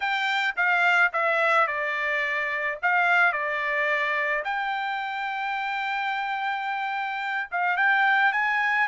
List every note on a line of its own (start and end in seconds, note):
0.00 0.54 G5
0.56 1.12 F5
1.12 1.67 E5
1.67 2.78 D5
2.82 3.32 F5
3.32 4.43 D5
4.44 7.50 G5
7.51 7.76 F5
7.76 8.32 G5
8.32 8.87 G#5